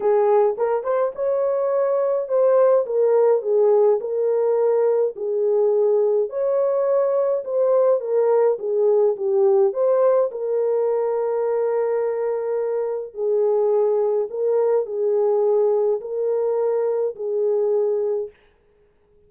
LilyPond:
\new Staff \with { instrumentName = "horn" } { \time 4/4 \tempo 4 = 105 gis'4 ais'8 c''8 cis''2 | c''4 ais'4 gis'4 ais'4~ | ais'4 gis'2 cis''4~ | cis''4 c''4 ais'4 gis'4 |
g'4 c''4 ais'2~ | ais'2. gis'4~ | gis'4 ais'4 gis'2 | ais'2 gis'2 | }